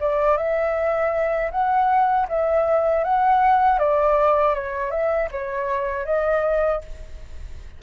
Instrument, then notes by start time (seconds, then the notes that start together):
flute
0.00 D5
0.37 E5
1.51 F#5
2.29 E5
3.04 F#5
3.79 D5
4.54 C#5
4.91 E5
5.31 C#5
6.05 D#5